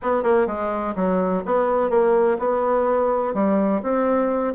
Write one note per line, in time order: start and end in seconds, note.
0.02 0.23 B3
0.23 0.46 A#3
0.46 0.94 G#3
0.95 1.43 F#3
1.45 1.90 B3
1.90 2.37 A#3
2.38 3.34 B3
3.34 3.81 G3
3.82 4.54 C4